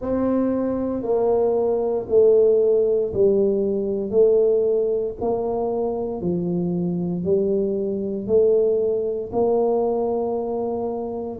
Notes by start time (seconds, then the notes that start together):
0.01 C4
1.03 A#3
2.08 A3
3.13 G3
4.10 A3
5.20 A#3
6.21 F3
7.24 G3
8.27 A3
9.32 A#3